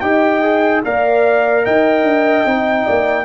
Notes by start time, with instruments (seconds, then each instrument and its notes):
0.00 tuba D#4, trombone G4, horn D#5, trumpet G5
0.42 trombone G#4
0.84 tuba A#3, trombone A#4, horn D5, trumpet F5
1.64 tuba D#4, horn D#5, trumpet G5
2.03 tuba D4
2.45 tuba C4, trombone D#4
2.84 tuba A#3, horn D5